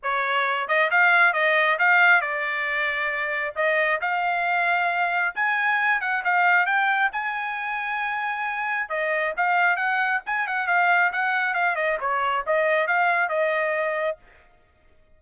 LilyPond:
\new Staff \with { instrumentName = "trumpet" } { \time 4/4 \tempo 4 = 135 cis''4. dis''8 f''4 dis''4 | f''4 d''2. | dis''4 f''2. | gis''4. fis''8 f''4 g''4 |
gis''1 | dis''4 f''4 fis''4 gis''8 fis''8 | f''4 fis''4 f''8 dis''8 cis''4 | dis''4 f''4 dis''2 | }